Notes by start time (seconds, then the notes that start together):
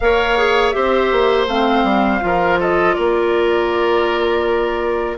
0.00 A#3 A#4 C#5 F5
0.37 G#4
0.71 C4 G4 C5 E5
1.11 A#3
1.47 A3 C4 F5
1.83 G3
2.20 F3 F4 A#4
2.59 A4 D#5
2.94 A#3 A#4 D5